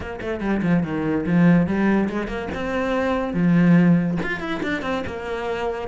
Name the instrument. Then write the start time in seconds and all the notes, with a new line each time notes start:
cello
0.00 A#3
0.21 A3
0.40 G3
0.62 F3
0.83 D#3
1.26 F3
1.66 G3
2.09 G#3
2.27 A#3
2.54 C4
3.33 F3
4.22 F4
4.39 E4
4.62 D4
4.82 C4
5.06 A#3